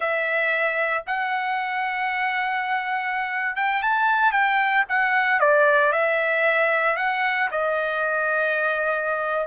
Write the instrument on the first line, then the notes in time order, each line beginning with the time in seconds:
trumpet
0.00 E5
1.06 F#5
3.56 G5
3.82 A5
4.32 G5
4.89 F#5
5.40 D5
5.92 E5
6.96 F#5
7.51 D#5